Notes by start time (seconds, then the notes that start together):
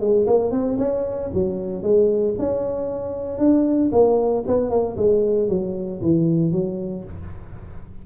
0.00 G#3
0.26 A#3
0.51 C4
0.78 C#4
1.33 F#3
1.82 G#3
2.38 C#4
3.38 D4
3.92 A#3
4.47 B3
4.70 A#3
4.96 G#3
5.48 F#3
6.01 E3
6.51 F#3